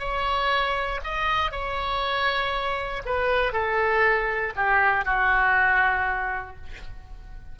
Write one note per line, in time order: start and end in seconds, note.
0.00 1.01 C#5
1.04 1.52 D#5
1.52 3.03 C#5
3.06 3.53 B4
3.53 4.54 A4
4.56 5.05 G4
5.05 6.57 F#4